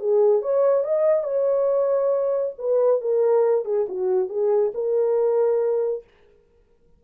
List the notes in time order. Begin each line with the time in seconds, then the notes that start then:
0.00 G#4
0.42 C#5
0.85 D#5
1.24 C#5
2.59 B4
3.02 A#4
3.66 G#4
3.89 F#4
4.29 G#4
4.75 A#4